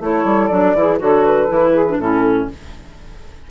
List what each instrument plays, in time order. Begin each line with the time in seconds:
0.00 bassoon A3, clarinet E4, saxophone A4, flute C#5
0.24 bassoon G3
0.47 bassoon F#3, clarinet D4, flute D5
0.74 bassoon E3, clarinet E4, saxophone G#4
0.99 bassoon D3, clarinet F#4, saxophone A4, flute C#5
1.25 flute B4
1.47 bassoon E3, clarinet E4
1.72 saxophone G#4
1.89 clarinet D4
1.98 bassoon A2, clarinet C#4, saxophone E4, flute A4